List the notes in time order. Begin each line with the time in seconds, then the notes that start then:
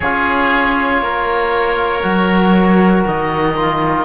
0.00 C#4 F4 G#4 C#5
1.01 A#3 A#4
2.02 F#3 F#4
3.06 D#3 D#5
3.56 F4